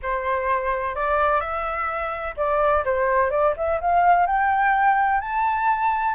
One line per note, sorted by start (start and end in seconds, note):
0.02 0.95 C5
0.95 1.40 D5
1.40 2.35 E5
2.36 2.83 D5
2.85 3.30 C5
3.30 3.54 D5
3.56 3.80 E5
3.80 4.26 F5
4.26 5.21 G5
5.21 6.14 A5